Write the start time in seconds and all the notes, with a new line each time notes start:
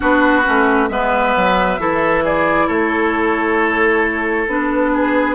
0.00 B3 D4 F#4 B4
0.43 A3 C#4
0.88 G#3 B3 B4 E5
1.35 F#3
1.78 E3 E4 A4
2.24 G#4 D5
2.67 A3 A4 C#5
4.48 B3 D4 B4
4.93 G#4